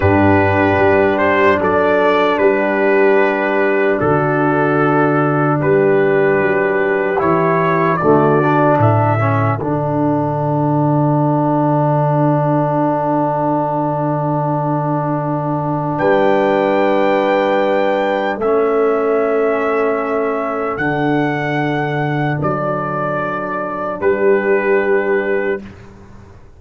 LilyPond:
<<
  \new Staff \with { instrumentName = "trumpet" } { \time 4/4 \tempo 4 = 75 b'4. c''8 d''4 b'4~ | b'4 a'2 b'4~ | b'4 cis''4 d''4 e''4 | fis''1~ |
fis''1 | g''2. e''4~ | e''2 fis''2 | d''2 b'2 | }
  \new Staff \with { instrumentName = "horn" } { \time 4/4 g'2 a'4 g'4~ | g'4 fis'2 g'4~ | g'2 fis'4 a'4~ | a'1~ |
a'1 | b'2. a'4~ | a'1~ | a'2 g'2 | }
  \new Staff \with { instrumentName = "trombone" } { \time 4/4 d'1~ | d'1~ | d'4 e'4 a8 d'4 cis'8 | d'1~ |
d'1~ | d'2. cis'4~ | cis'2 d'2~ | d'1 | }
  \new Staff \with { instrumentName = "tuba" } { \time 4/4 g,4 g4 fis4 g4~ | g4 d2 g4 | fis4 e4 d4 a,4 | d1~ |
d1 | g2. a4~ | a2 d2 | fis2 g2 | }
>>